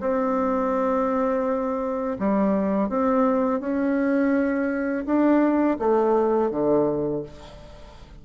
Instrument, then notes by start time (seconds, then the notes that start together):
bassoon
0.00 C4
2.19 G3
2.88 C4
3.60 C#4
5.05 D4
5.79 A3
6.50 D3